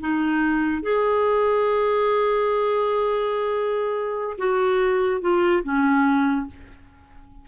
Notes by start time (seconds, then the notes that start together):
0.00 D#4
0.82 G#4
4.37 F#4
5.21 F4
5.63 C#4